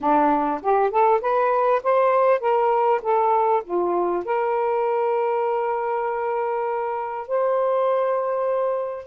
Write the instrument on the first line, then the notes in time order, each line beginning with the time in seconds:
saxophone
0.00 D4
0.62 G4
0.90 A4
1.21 B4
1.83 C5
2.40 A#4
3.02 A4
3.64 F4
4.24 A#4
7.27 C5